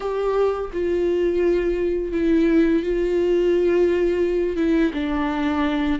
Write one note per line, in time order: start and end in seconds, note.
0.00 0.70 G4
0.72 2.12 F4
2.12 2.82 E4
2.82 4.56 F4
4.56 4.91 E4
4.93 5.99 D4